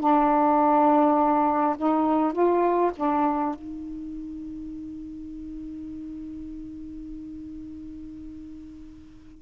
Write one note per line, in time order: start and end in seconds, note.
0.00 1.76 D4
1.78 2.33 D#4
2.33 2.92 F4
2.96 3.55 D4
3.55 9.42 D#4